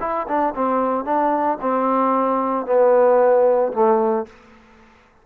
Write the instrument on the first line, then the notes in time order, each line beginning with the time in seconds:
trombone
0.00 E4
0.28 D4
0.55 C4
1.05 D4
1.61 C4
2.66 B3
3.73 A3